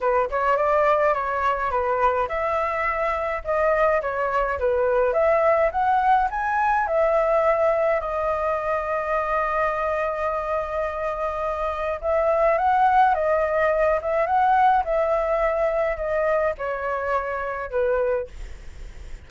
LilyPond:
\new Staff \with { instrumentName = "flute" } { \time 4/4 \tempo 4 = 105 b'8 cis''8 d''4 cis''4 b'4 | e''2 dis''4 cis''4 | b'4 e''4 fis''4 gis''4 | e''2 dis''2~ |
dis''1~ | dis''4 e''4 fis''4 dis''4~ | dis''8 e''8 fis''4 e''2 | dis''4 cis''2 b'4 | }